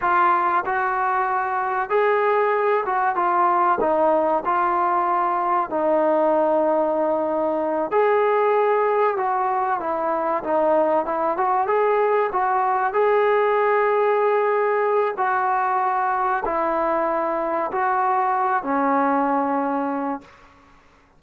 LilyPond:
\new Staff \with { instrumentName = "trombone" } { \time 4/4 \tempo 4 = 95 f'4 fis'2 gis'4~ | gis'8 fis'8 f'4 dis'4 f'4~ | f'4 dis'2.~ | dis'8 gis'2 fis'4 e'8~ |
e'8 dis'4 e'8 fis'8 gis'4 fis'8~ | fis'8 gis'2.~ gis'8 | fis'2 e'2 | fis'4. cis'2~ cis'8 | }